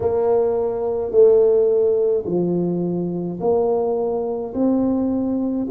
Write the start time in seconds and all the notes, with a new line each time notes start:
0.00 A#3
1.11 A3
2.26 F3
3.40 A#3
4.54 C4